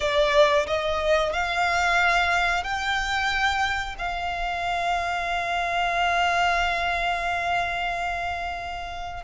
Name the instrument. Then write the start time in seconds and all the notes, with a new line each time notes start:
violin
0.00 D5
0.67 D#5
1.32 F5
2.63 G5
3.98 F5